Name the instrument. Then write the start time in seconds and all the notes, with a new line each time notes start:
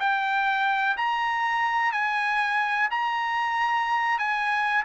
trumpet
0.00 G5
0.97 A#5
1.92 G#5
2.91 A#5
4.19 G#5